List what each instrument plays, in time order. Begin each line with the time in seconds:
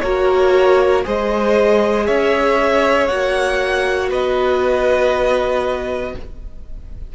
0.00 cello A#3, viola F#4, violin A#4 C#5
1.04 cello G#3, viola G#4, violin C5 D#5
2.07 cello C#4, violin C#5 E5
3.07 cello A#3, viola F#4, violin F#5
4.09 cello B3, violin B4 D#5